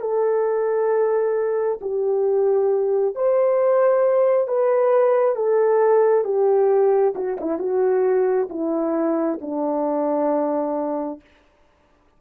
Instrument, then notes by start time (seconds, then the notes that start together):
horn
0.00 A4
1.81 G4
3.15 C5
4.47 B4
5.35 A4
6.24 G4
7.15 F#4
7.40 E4
7.59 F#4
8.50 E4
9.41 D4